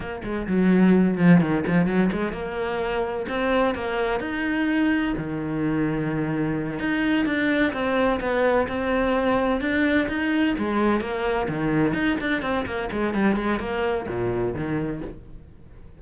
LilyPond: \new Staff \with { instrumentName = "cello" } { \time 4/4 \tempo 4 = 128 ais8 gis8 fis4. f8 dis8 f8 | fis8 gis8 ais2 c'4 | ais4 dis'2 dis4~ | dis2~ dis8 dis'4 d'8~ |
d'8 c'4 b4 c'4.~ | c'8 d'4 dis'4 gis4 ais8~ | ais8 dis4 dis'8 d'8 c'8 ais8 gis8 | g8 gis8 ais4 ais,4 dis4 | }